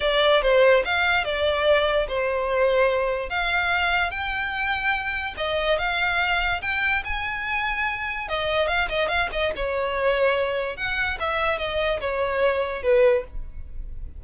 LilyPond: \new Staff \with { instrumentName = "violin" } { \time 4/4 \tempo 4 = 145 d''4 c''4 f''4 d''4~ | d''4 c''2. | f''2 g''2~ | g''4 dis''4 f''2 |
g''4 gis''2. | dis''4 f''8 dis''8 f''8 dis''8 cis''4~ | cis''2 fis''4 e''4 | dis''4 cis''2 b'4 | }